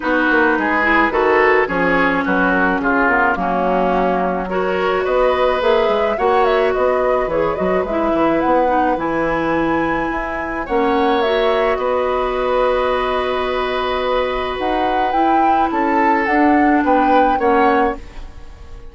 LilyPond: <<
  \new Staff \with { instrumentName = "flute" } { \time 4/4 \tempo 4 = 107 b'2. cis''4 | b'8 ais'8 gis'8 ais'8 fis'2 | cis''4 dis''4 e''4 fis''8 e''8 | dis''4 cis''8 dis''8 e''4 fis''4 |
gis''2. fis''4 | e''4 dis''2.~ | dis''2 fis''4 g''4 | a''4 fis''4 g''4 fis''4 | }
  \new Staff \with { instrumentName = "oboe" } { \time 4/4 fis'4 gis'4 a'4 gis'4 | fis'4 f'4 cis'2 | ais'4 b'2 cis''4 | b'1~ |
b'2. cis''4~ | cis''4 b'2.~ | b'1 | a'2 b'4 cis''4 | }
  \new Staff \with { instrumentName = "clarinet" } { \time 4/4 dis'4. e'8 fis'4 cis'4~ | cis'4. b8 ais2 | fis'2 gis'4 fis'4~ | fis'4 gis'8 fis'8 e'4. dis'8 |
e'2. cis'4 | fis'1~ | fis'2. e'4~ | e'4 d'2 cis'4 | }
  \new Staff \with { instrumentName = "bassoon" } { \time 4/4 b8 ais8 gis4 dis4 f4 | fis4 cis4 fis2~ | fis4 b4 ais8 gis8 ais4 | b4 e8 fis8 gis8 e8 b4 |
e2 e'4 ais4~ | ais4 b2.~ | b2 dis'4 e'4 | cis'4 d'4 b4 ais4 | }
>>